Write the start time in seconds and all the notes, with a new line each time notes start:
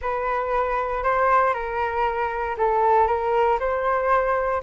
0.01 B4
1.03 C5
1.53 A#4
2.57 A4
3.07 A#4
3.59 C5